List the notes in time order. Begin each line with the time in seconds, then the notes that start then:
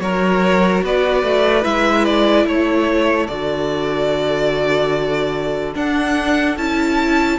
0.00 F#3 F#4 A#4 C#5
0.83 B3 B4 D5
1.23 A3
1.63 G#3 E4 E5
2.05 D5
2.46 A3 A4 C#5
3.27 D3 F#4 D5
5.74 D4 F#5
6.57 C#4 E4 A5